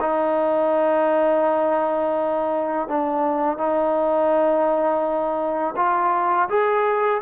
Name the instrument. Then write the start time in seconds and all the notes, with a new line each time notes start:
trombone
0.00 D#4
2.88 D4
3.58 D#4
5.76 F4
6.49 G#4